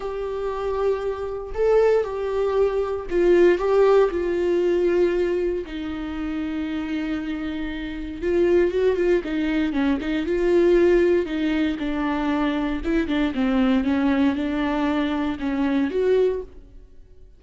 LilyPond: \new Staff \with { instrumentName = "viola" } { \time 4/4 \tempo 4 = 117 g'2. a'4 | g'2 f'4 g'4 | f'2. dis'4~ | dis'1 |
f'4 fis'8 f'8 dis'4 cis'8 dis'8 | f'2 dis'4 d'4~ | d'4 e'8 d'8 c'4 cis'4 | d'2 cis'4 fis'4 | }